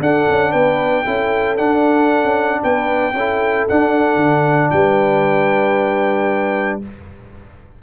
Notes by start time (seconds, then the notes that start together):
0.00 D4 A4 F#5
0.29 C#4
0.51 B3 B4 G5
1.04 C#4 E4 A4
1.57 D4 F#5
2.23 C#4
2.63 B3 B4 G5
3.13 C#4 E4 A4
3.68 D4 F#5
4.16 D3
4.70 G3 B4 G5